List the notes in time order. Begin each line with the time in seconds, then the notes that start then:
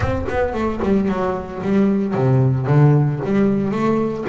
0.00 C4
0.29 B3
0.53 A3
0.82 G3
1.08 F#3
1.62 G3
2.14 C3
2.66 D3
3.24 G3
3.71 A3